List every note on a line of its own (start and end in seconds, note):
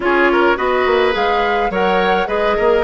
0.00 0.55 C#4
0.00 0.56 F4
0.00 0.32 G#4
0.00 0.57 C#5
0.32 0.57 A#4
0.56 0.86 B3
0.56 1.12 F#4
0.56 1.71 B4
0.56 1.14 D#5
0.86 1.14 A#3
1.12 1.70 G#3
1.12 1.69 G#4
1.12 1.72 F5
1.70 2.27 F#3
1.70 2.27 A#4
1.70 2.27 C#5
1.70 2.27 F#5
2.27 2.56 G#3
2.27 2.83 G#4
2.27 2.56 B4
2.27 2.83 D#5
2.56 2.83 A#3
2.56 2.83 A#4